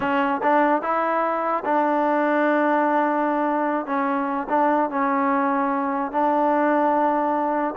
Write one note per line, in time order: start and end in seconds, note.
0.00 0.41 C#4
0.42 0.82 D4
0.82 1.63 E4
1.65 3.86 D4
3.86 4.47 C#4
4.49 4.90 D4
4.90 6.11 C#4
6.11 7.75 D4